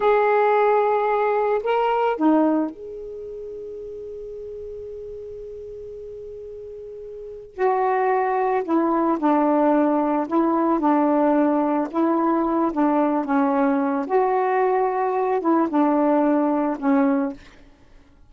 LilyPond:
\new Staff \with { instrumentName = "saxophone" } { \time 4/4 \tempo 4 = 111 gis'2. ais'4 | dis'4 gis'2.~ | gis'1~ | gis'2 fis'2 |
e'4 d'2 e'4 | d'2 e'4. d'8~ | d'8 cis'4. fis'2~ | fis'8 e'8 d'2 cis'4 | }